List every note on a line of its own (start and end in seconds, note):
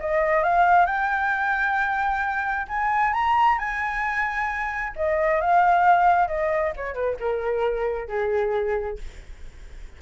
0.00 0.43 D#5
0.43 0.86 F5
0.86 2.67 G5
2.68 3.13 G#5
3.13 3.58 A#5
3.58 4.94 G#5
4.96 5.41 D#5
5.41 6.27 F5
6.27 6.73 D#5
6.76 6.94 C#5
6.94 7.17 B4
7.20 8.08 A#4
8.08 8.98 G#4